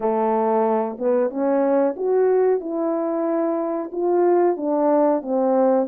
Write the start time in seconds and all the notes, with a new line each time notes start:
0.00 A3
0.98 B3
1.30 C#4
1.96 F#4
2.60 E4
3.92 F4
4.57 D4
5.22 C4